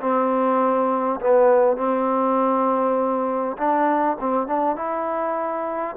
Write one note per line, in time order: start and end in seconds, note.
0.00 1.20 C4
1.20 1.77 B3
1.77 3.57 C4
3.57 4.17 D4
4.20 4.47 C4
4.47 4.76 D4
4.76 5.96 E4